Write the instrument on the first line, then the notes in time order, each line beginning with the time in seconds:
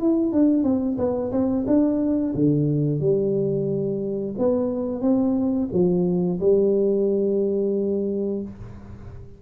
tuba
0.00 E4
0.32 D4
0.64 C4
0.98 B3
1.32 C4
1.67 D4
2.35 D3
3.00 G3
4.38 B3
5.01 C4
5.73 F3
6.40 G3